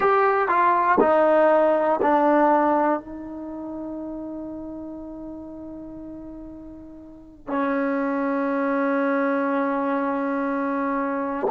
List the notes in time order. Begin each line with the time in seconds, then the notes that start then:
0.00 G4
0.48 F4
1.00 D#4
2.01 D4
2.99 D#4
7.47 C#4